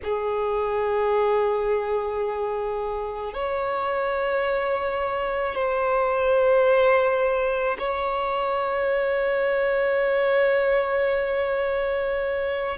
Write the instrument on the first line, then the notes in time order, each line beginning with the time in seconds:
violin
0.03 G#4
3.33 C#5
5.55 C5
7.78 C#5